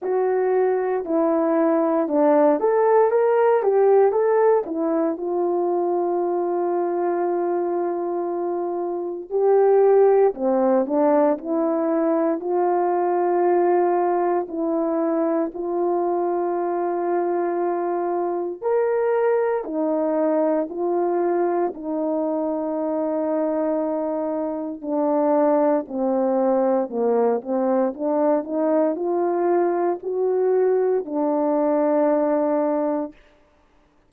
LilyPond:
\new Staff \with { instrumentName = "horn" } { \time 4/4 \tempo 4 = 58 fis'4 e'4 d'8 a'8 ais'8 g'8 | a'8 e'8 f'2.~ | f'4 g'4 c'8 d'8 e'4 | f'2 e'4 f'4~ |
f'2 ais'4 dis'4 | f'4 dis'2. | d'4 c'4 ais8 c'8 d'8 dis'8 | f'4 fis'4 d'2 | }